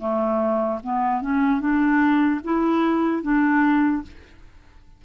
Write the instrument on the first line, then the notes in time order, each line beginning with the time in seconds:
clarinet
0.00 A3
0.84 B3
1.22 C#4
1.61 D4
2.44 E4
3.23 D4